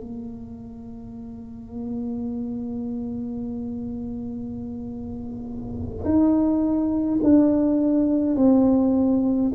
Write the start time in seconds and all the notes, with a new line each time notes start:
0.00 A#3
6.04 D#4
7.23 D4
8.36 C4